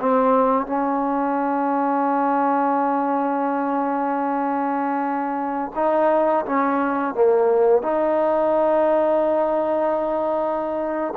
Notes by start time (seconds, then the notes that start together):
0.00 C4
0.67 C#4
5.76 D#4
6.46 C#4
7.14 A#3
7.83 D#4